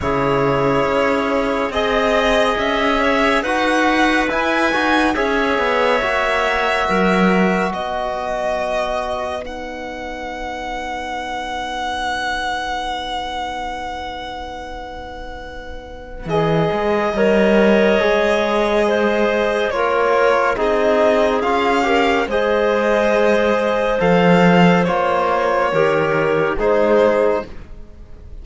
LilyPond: <<
  \new Staff \with { instrumentName = "violin" } { \time 4/4 \tempo 4 = 70 cis''2 dis''4 e''4 | fis''4 gis''4 e''2~ | e''4 dis''2 fis''4~ | fis''1~ |
fis''2. dis''4~ | dis''2. cis''4 | dis''4 f''4 dis''2 | f''4 cis''2 c''4 | }
  \new Staff \with { instrumentName = "clarinet" } { \time 4/4 gis'2 dis''4. cis''8 | b'2 cis''2 | ais'4 b'2.~ | b'1~ |
b'1 | cis''2 c''4 ais'4 | gis'4. ais'8 c''2~ | c''2 ais'4 gis'4 | }
  \new Staff \with { instrumentName = "trombone" } { \time 4/4 e'2 gis'2 | fis'4 e'8 fis'8 gis'4 fis'4~ | fis'2. dis'4~ | dis'1~ |
dis'2. gis'4 | ais'4 gis'2 f'4 | dis'4 f'8 g'8 gis'2 | a'4 f'4 g'4 dis'4 | }
  \new Staff \with { instrumentName = "cello" } { \time 4/4 cis4 cis'4 c'4 cis'4 | dis'4 e'8 dis'8 cis'8 b8 ais4 | fis4 b2.~ | b1~ |
b2. e8 gis8 | g4 gis2 ais4 | c'4 cis'4 gis2 | f4 ais4 dis4 gis4 | }
>>